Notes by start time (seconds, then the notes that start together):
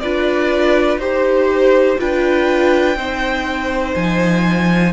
0.00 D4 F4 B4 D5
0.98 D#4 G4 C5
1.99 D4 F4 B4 G5
2.96 C4 D#4 C5
3.95 F3 G#5